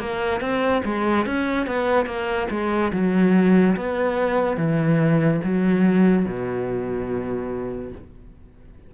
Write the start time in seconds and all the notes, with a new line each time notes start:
0.00 A#3
0.41 C4
0.85 G#3
1.26 C#4
1.67 B3
2.06 A#3
2.51 G#3
2.93 F#3
3.77 B3
4.57 E3
5.44 F#3
6.26 B2